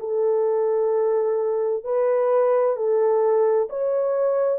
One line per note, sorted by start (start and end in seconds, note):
0.00 1.84 A4
1.84 2.77 B4
2.77 3.69 A4
3.70 4.59 C#5